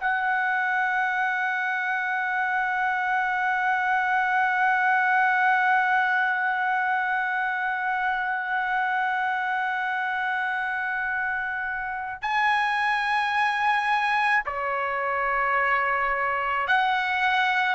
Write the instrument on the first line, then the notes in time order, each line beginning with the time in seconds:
trumpet
0.00 F#5
12.22 G#5
14.46 C#5
16.67 F#5